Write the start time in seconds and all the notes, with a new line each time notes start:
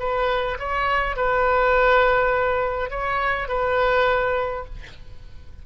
0.00 B4
0.60 C#5
1.17 B4
2.91 C#5
3.49 B4